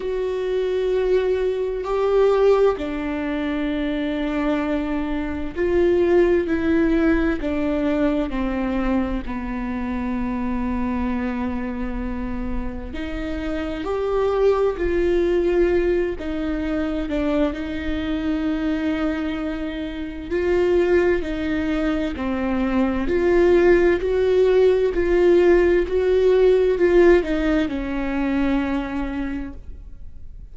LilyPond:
\new Staff \with { instrumentName = "viola" } { \time 4/4 \tempo 4 = 65 fis'2 g'4 d'4~ | d'2 f'4 e'4 | d'4 c'4 b2~ | b2 dis'4 g'4 |
f'4. dis'4 d'8 dis'4~ | dis'2 f'4 dis'4 | c'4 f'4 fis'4 f'4 | fis'4 f'8 dis'8 cis'2 | }